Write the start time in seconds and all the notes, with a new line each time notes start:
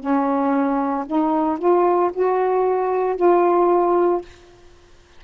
0.00 C#4
1.06 D#4
1.59 F4
2.13 F#4
3.17 F4